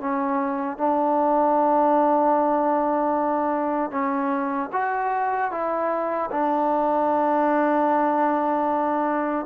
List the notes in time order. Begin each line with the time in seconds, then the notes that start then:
0.00 C#4
0.78 D4
3.91 C#4
4.72 F#4
5.51 E4
6.31 D4